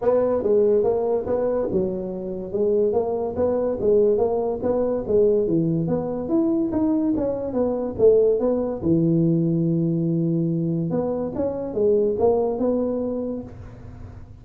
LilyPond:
\new Staff \with { instrumentName = "tuba" } { \time 4/4 \tempo 4 = 143 b4 gis4 ais4 b4 | fis2 gis4 ais4 | b4 gis4 ais4 b4 | gis4 e4 b4 e'4 |
dis'4 cis'4 b4 a4 | b4 e2.~ | e2 b4 cis'4 | gis4 ais4 b2 | }